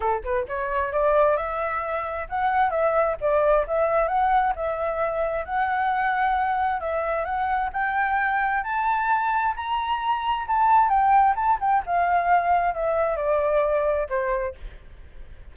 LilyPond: \new Staff \with { instrumentName = "flute" } { \time 4/4 \tempo 4 = 132 a'8 b'8 cis''4 d''4 e''4~ | e''4 fis''4 e''4 d''4 | e''4 fis''4 e''2 | fis''2. e''4 |
fis''4 g''2 a''4~ | a''4 ais''2 a''4 | g''4 a''8 g''8 f''2 | e''4 d''2 c''4 | }